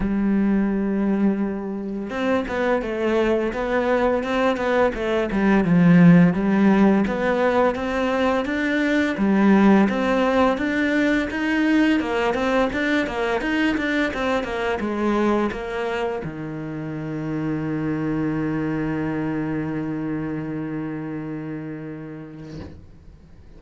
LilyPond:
\new Staff \with { instrumentName = "cello" } { \time 4/4 \tempo 4 = 85 g2. c'8 b8 | a4 b4 c'8 b8 a8 g8 | f4 g4 b4 c'4 | d'4 g4 c'4 d'4 |
dis'4 ais8 c'8 d'8 ais8 dis'8 d'8 | c'8 ais8 gis4 ais4 dis4~ | dis1~ | dis1 | }